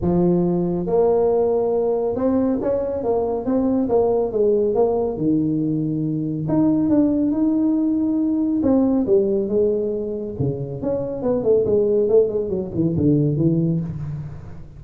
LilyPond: \new Staff \with { instrumentName = "tuba" } { \time 4/4 \tempo 4 = 139 f2 ais2~ | ais4 c'4 cis'4 ais4 | c'4 ais4 gis4 ais4 | dis2. dis'4 |
d'4 dis'2. | c'4 g4 gis2 | cis4 cis'4 b8 a8 gis4 | a8 gis8 fis8 e8 d4 e4 | }